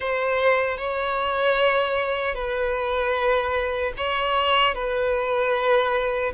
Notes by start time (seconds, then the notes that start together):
0.00 C5
0.77 C#5
2.35 B4
3.97 C#5
4.74 B4